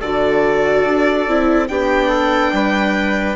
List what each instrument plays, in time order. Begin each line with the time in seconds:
0.00 bassoon D3, viola F#4, trumpet A4, violin D5
0.84 bassoon D4
1.27 bassoon C4, viola E4
1.67 bassoon B3, viola D4, trumpet G4, violin G5
2.08 trumpet A4
2.52 bassoon G3, trumpet B4